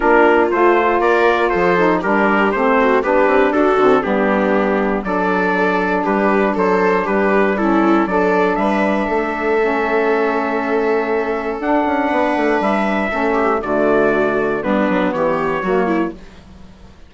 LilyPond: <<
  \new Staff \with { instrumentName = "trumpet" } { \time 4/4 \tempo 4 = 119 ais'4 c''4 d''4 c''4 | ais'4 c''4 b'4 a'4 | g'2 d''2 | b'4 c''4 b'4 a'4 |
d''4 e''2.~ | e''2. fis''4~ | fis''4 e''2 d''4~ | d''4 b'4 cis''2 | }
  \new Staff \with { instrumentName = "viola" } { \time 4/4 f'2 ais'4 a'4 | g'4. fis'8 g'4 fis'4 | d'2 a'2 | g'4 a'4 g'4 e'4 |
a'4 b'4 a'2~ | a'1 | b'2 a'8 g'8 fis'4~ | fis'4 d'4 g'4 fis'8 e'8 | }
  \new Staff \with { instrumentName = "saxophone" } { \time 4/4 d'4 f'2~ f'8 dis'8 | d'4 c'4 d'4. c'8 | b2 d'2~ | d'2. cis'4 |
d'2. cis'4~ | cis'2. d'4~ | d'2 cis'4 a4~ | a4 b2 ais4 | }
  \new Staff \with { instrumentName = "bassoon" } { \time 4/4 ais4 a4 ais4 f4 | g4 a4 b8 c'8 d'8 d8 | g2 fis2 | g4 fis4 g2 |
fis4 g4 a2~ | a2. d'8 cis'8 | b8 a8 g4 a4 d4~ | d4 g8 fis8 e4 fis4 | }
>>